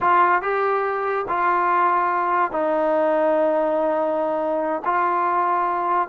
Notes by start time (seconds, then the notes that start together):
0.00 F4
0.41 G4
1.28 F4
2.51 D#4
4.84 F4